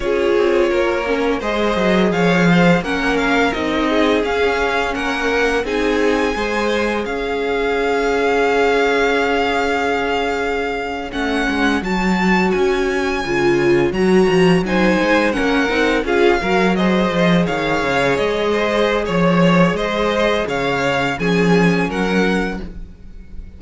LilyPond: <<
  \new Staff \with { instrumentName = "violin" } { \time 4/4 \tempo 4 = 85 cis''2 dis''4 f''4 | fis''8 f''8 dis''4 f''4 fis''4 | gis''2 f''2~ | f''2.~ f''8. fis''16~ |
fis''8. a''4 gis''2 ais''16~ | ais''8. gis''4 fis''4 f''4 dis''16~ | dis''8. f''4 dis''4~ dis''16 cis''4 | dis''4 f''4 gis''4 fis''4 | }
  \new Staff \with { instrumentName = "violin" } { \time 4/4 gis'4 ais'4 c''4 cis''8 c''8 | ais'4. gis'4. ais'4 | gis'4 c''4 cis''2~ | cis''1~ |
cis''1~ | cis''8. c''4 ais'4 gis'8 ais'8 c''16~ | c''8. cis''4. c''8. cis''4 | c''4 cis''4 gis'4 ais'4 | }
  \new Staff \with { instrumentName = "viola" } { \time 4/4 f'4. cis'8 gis'2 | cis'4 dis'4 cis'2 | dis'4 gis'2.~ | gis'2.~ gis'8. cis'16~ |
cis'8. fis'2 f'4 fis'16~ | fis'8. dis'4 cis'8 dis'8 f'8 fis'8 gis'16~ | gis'1~ | gis'2 cis'2 | }
  \new Staff \with { instrumentName = "cello" } { \time 4/4 cis'8 c'8 ais4 gis8 fis8 f4 | ais4 c'4 cis'4 ais4 | c'4 gis4 cis'2~ | cis'2.~ cis'8. a16~ |
a16 gis8 fis4 cis'4 cis4 fis16~ | fis16 f8 fis8 gis8 ais8 c'8 cis'8 fis8.~ | fis16 f8 dis8 cis8 gis4~ gis16 f4 | gis4 cis4 f4 fis4 | }
>>